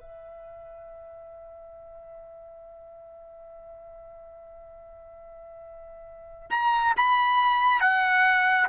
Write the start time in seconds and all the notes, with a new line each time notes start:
0.00 E5
6.50 A#5
6.97 B5
7.81 F#5